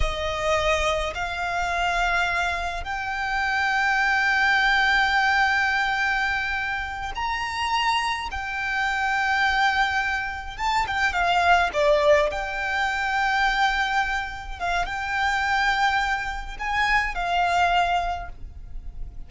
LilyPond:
\new Staff \with { instrumentName = "violin" } { \time 4/4 \tempo 4 = 105 dis''2 f''2~ | f''4 g''2.~ | g''1~ | g''8 ais''2 g''4.~ |
g''2~ g''8 a''8 g''8 f''8~ | f''8 d''4 g''2~ g''8~ | g''4. f''8 g''2~ | g''4 gis''4 f''2 | }